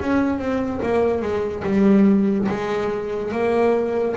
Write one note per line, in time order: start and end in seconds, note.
0.00 0.38 C#4
0.38 0.80 C4
0.82 1.22 A#3
1.22 1.63 G#3
1.64 2.47 G3
2.48 3.32 G#3
3.32 4.15 A#3